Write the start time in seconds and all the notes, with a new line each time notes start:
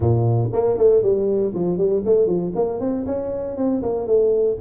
0.00 A#2
0.52 A#3
0.77 A3
1.02 G3
1.54 F3
1.77 G3
2.05 A3
2.27 F3
2.55 A#3
2.80 C4
3.06 C#4
3.56 C4
3.82 A#3
4.06 A3